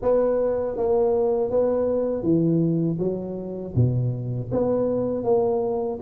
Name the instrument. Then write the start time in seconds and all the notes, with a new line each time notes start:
tuba
0.01 B3
0.77 A#3
1.50 B3
2.22 E3
2.98 F#3
3.75 B2
4.51 B3
5.24 A#3